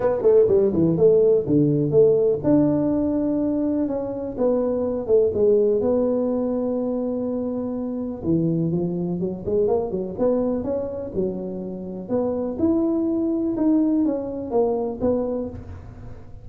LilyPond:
\new Staff \with { instrumentName = "tuba" } { \time 4/4 \tempo 4 = 124 b8 a8 g8 e8 a4 d4 | a4 d'2. | cis'4 b4. a8 gis4 | b1~ |
b4 e4 f4 fis8 gis8 | ais8 fis8 b4 cis'4 fis4~ | fis4 b4 e'2 | dis'4 cis'4 ais4 b4 | }